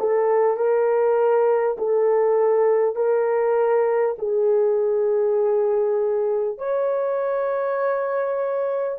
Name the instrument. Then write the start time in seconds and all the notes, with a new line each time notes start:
horn
0.00 A4
0.57 A#4
1.79 A4
2.96 A#4
4.19 G#4
6.59 C#5